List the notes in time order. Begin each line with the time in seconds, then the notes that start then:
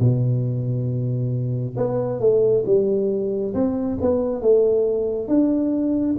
0.00 B2
1.77 B3
2.20 A3
2.66 G3
3.54 C4
4.01 B3
4.42 A3
5.28 D4